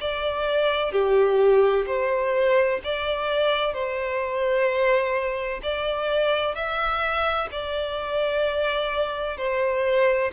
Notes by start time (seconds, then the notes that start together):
0.00 D5
0.92 G4
1.87 C5
2.84 D5
3.73 C5
5.62 D5
6.55 E5
7.51 D5
9.37 C5